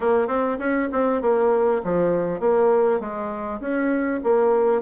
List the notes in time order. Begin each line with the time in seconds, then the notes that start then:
0.00 A#3
0.27 C4
0.58 C#4
0.92 C4
1.21 A#3
1.84 F3
2.39 A#3
3.00 G#3
3.60 C#4
4.23 A#3